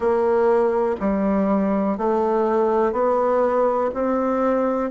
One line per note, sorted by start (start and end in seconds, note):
0.00 0.96 A#3
1.00 1.97 G3
1.97 2.92 A3
2.92 3.90 B3
3.93 4.90 C4